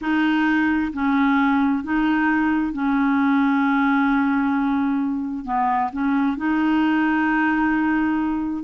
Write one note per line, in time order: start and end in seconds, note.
0.01 0.92 D#4
0.93 1.83 C#4
1.83 2.73 D#4
2.73 5.45 C#4
5.45 5.90 B3
5.92 6.37 C#4
6.37 8.63 D#4